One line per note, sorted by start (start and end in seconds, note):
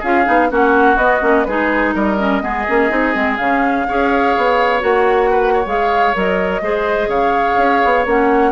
0.00 0.27 C#4
0.00 0.25 F4
0.00 0.48 G#4
0.00 0.52 F5
0.25 0.51 B3
0.25 0.49 D#4
0.50 0.97 A#3
0.50 0.98 C#4
0.50 1.48 F#4
0.50 0.97 F#5
0.97 1.21 B3
0.97 1.22 B3
0.97 1.45 D#5
1.22 1.47 A#3
1.22 1.46 C#4
1.45 1.95 G#3
1.45 2.18 D#4
1.45 1.95 G#4
1.45 1.93 B4
1.95 2.43 G3
1.95 2.43 A#4
1.95 3.37 D#5
2.18 2.42 C#4
2.42 2.67 G#3
2.42 2.66 B3
2.42 3.88 G#4
2.68 2.91 A#3
2.68 2.90 C#4
2.90 3.15 C4
2.90 3.14 D#4
3.14 3.39 G#3
3.14 3.38 C4
3.37 3.88 C#3
3.37 3.87 C#4
3.37 4.81 F5
3.88 4.37 C#4
3.88 4.80 G#4
3.88 5.31 C#5
4.37 4.83 B3
4.80 5.66 A#3
4.80 5.64 F#4
4.80 5.67 F#5
5.31 5.54 B4
5.54 6.62 C#5
5.66 6.14 G#3
5.66 6.14 G#4
5.66 6.16 F5
6.14 6.62 F#3
6.14 6.62 A#4
6.14 7.10 D#5
6.62 7.08 G#3
6.62 8.06 G#4
6.62 7.09 C5
7.08 7.56 C#3
7.08 8.52 C#5
7.08 8.06 F5
7.58 7.82 C#4
7.85 8.06 B3
8.06 8.52 A#3
8.06 8.52 C#4
8.06 8.52 F#5